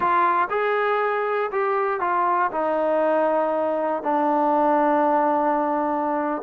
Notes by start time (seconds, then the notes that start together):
0.00 F4
0.50 G#4
1.51 G4
2.00 F4
2.51 D#4
4.02 D4